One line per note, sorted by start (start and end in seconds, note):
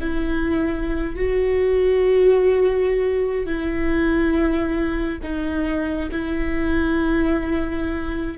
0.00 1.15 E4
1.15 3.46 F#4
3.46 5.19 E4
5.22 6.09 D#4
6.12 8.38 E4